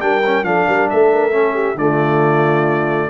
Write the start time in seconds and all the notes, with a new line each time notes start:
0.00 G3 D4 A#4 G5
0.26 C#4
0.43 F3 D4 A4 F5
0.67 G3 A#4
0.89 A3 A4 E5
1.13 A#4
1.31 C#4 A4
1.54 G4
1.75 D3 A3 F4 D5